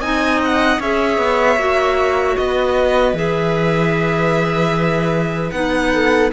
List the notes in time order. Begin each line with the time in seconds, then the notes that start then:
0.00 C4 D#4 D#5 G#5
0.45 F#5
0.80 C#4 G#4 C#5 E5
1.18 B3
1.57 A#3 F#4
2.37 B3 B4 D#5
3.14 E3 G#4 E5
5.51 B3 D#4 F#5
5.93 A4